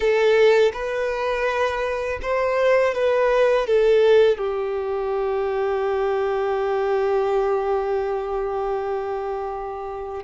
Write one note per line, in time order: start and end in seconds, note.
0.00 0.72 A4
0.73 2.19 B4
2.22 2.94 C5
2.94 3.66 B4
3.66 4.38 A4
4.38 10.23 G4